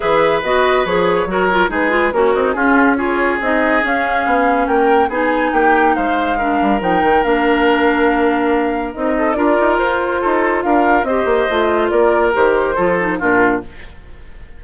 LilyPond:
<<
  \new Staff \with { instrumentName = "flute" } { \time 4/4 \tempo 4 = 141 e''4 dis''4 cis''2 | b'4 ais'4 gis'4 cis''4 | dis''4 f''2 g''4 | gis''4 g''4 f''2 |
g''4 f''2.~ | f''4 dis''4 d''4 c''4~ | c''4 f''4 dis''2 | d''4 c''2 ais'4 | }
  \new Staff \with { instrumentName = "oboe" } { \time 4/4 b'2. ais'4 | gis'4 cis'8 dis'8 f'4 gis'4~ | gis'2. ais'4 | gis'4 g'4 c''4 ais'4~ |
ais'1~ | ais'4. a'8 ais'2 | a'4 ais'4 c''2 | ais'2 a'4 f'4 | }
  \new Staff \with { instrumentName = "clarinet" } { \time 4/4 gis'4 fis'4 gis'4 fis'8 f'8 | dis'8 f'8 fis'4 cis'4 f'4 | dis'4 cis'2. | dis'2. d'4 |
dis'4 d'2.~ | d'4 dis'4 f'2~ | f'2 g'4 f'4~ | f'4 g'4 f'8 dis'8 d'4 | }
  \new Staff \with { instrumentName = "bassoon" } { \time 4/4 e4 b4 f4 fis4 | gis4 ais8 c'8 cis'2 | c'4 cis'4 b4 ais4 | b4 ais4 gis4. g8 |
f8 dis8 ais2.~ | ais4 c'4 d'8 dis'8 f'4 | dis'4 d'4 c'8 ais8 a4 | ais4 dis4 f4 ais,4 | }
>>